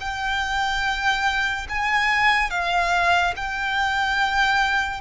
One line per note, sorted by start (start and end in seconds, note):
0.00 1.67 G5
1.69 2.50 G#5
2.50 3.33 F5
3.36 5.00 G5